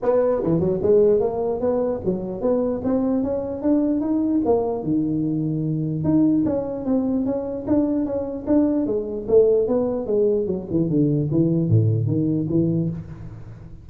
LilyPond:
\new Staff \with { instrumentName = "tuba" } { \time 4/4 \tempo 4 = 149 b4 e8 fis8 gis4 ais4 | b4 fis4 b4 c'4 | cis'4 d'4 dis'4 ais4 | dis2. dis'4 |
cis'4 c'4 cis'4 d'4 | cis'4 d'4 gis4 a4 | b4 gis4 fis8 e8 d4 | e4 a,4 dis4 e4 | }